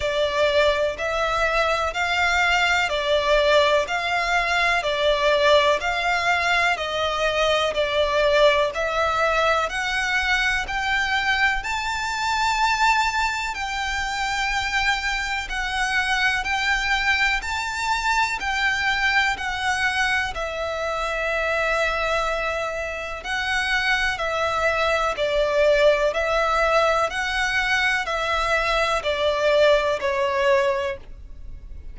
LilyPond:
\new Staff \with { instrumentName = "violin" } { \time 4/4 \tempo 4 = 62 d''4 e''4 f''4 d''4 | f''4 d''4 f''4 dis''4 | d''4 e''4 fis''4 g''4 | a''2 g''2 |
fis''4 g''4 a''4 g''4 | fis''4 e''2. | fis''4 e''4 d''4 e''4 | fis''4 e''4 d''4 cis''4 | }